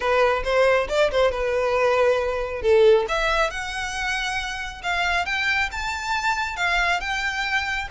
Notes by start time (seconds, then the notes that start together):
0.00 B4
0.44 C5
0.89 D5
1.11 C5
1.31 B4
2.62 A4
3.08 E5
3.50 F#5
4.83 F5
5.25 G5
5.71 A5
6.56 F5
7.00 G5